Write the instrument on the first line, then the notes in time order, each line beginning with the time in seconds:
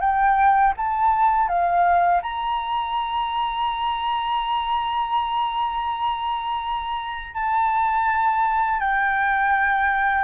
flute
0.00 G5
0.77 A5
1.48 F5
2.22 A#5
7.34 A5
8.80 G5